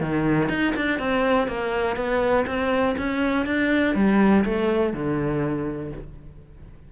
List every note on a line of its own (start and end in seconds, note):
0.00 0.49 D#3
0.49 0.74 D#4
0.76 0.99 D4
0.99 1.48 C4
1.48 1.96 A#3
1.96 2.45 B3
2.46 2.96 C4
2.98 3.46 C#4
3.46 3.95 D4
3.95 4.44 G3
4.45 4.93 A3
4.93 5.92 D3